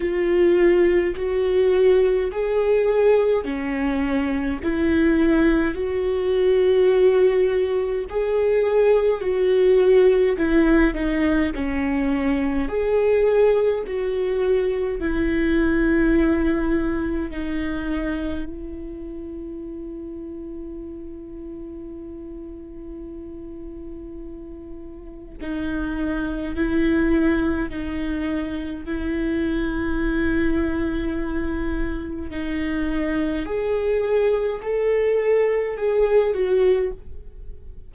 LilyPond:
\new Staff \with { instrumentName = "viola" } { \time 4/4 \tempo 4 = 52 f'4 fis'4 gis'4 cis'4 | e'4 fis'2 gis'4 | fis'4 e'8 dis'8 cis'4 gis'4 | fis'4 e'2 dis'4 |
e'1~ | e'2 dis'4 e'4 | dis'4 e'2. | dis'4 gis'4 a'4 gis'8 fis'8 | }